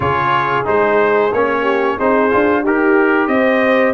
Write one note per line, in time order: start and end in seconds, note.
0.00 0.65 C#3
0.00 0.65 F4
0.00 1.62 G#4
0.00 0.66 C#5
0.65 1.32 G#3
0.65 1.30 D#4
0.65 1.32 C5
1.32 1.98 A#3
1.32 1.99 C#4
1.32 1.98 C#5
1.62 1.95 G4
1.98 2.32 C4
1.98 2.31 D#4
1.98 2.61 G#4
1.98 2.65 C5
2.31 2.65 D4
2.31 2.64 F4
2.61 3.27 D#4
2.61 3.27 G4
2.61 3.93 G4
2.61 3.27 A#4
3.27 3.93 C4
3.27 3.93 C5
3.27 3.93 D#5